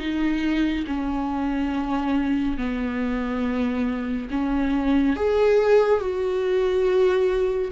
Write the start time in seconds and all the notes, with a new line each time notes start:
0.00 D#4
0.88 C#4
2.58 B3
4.31 C#4
5.17 G#4
6.01 F#4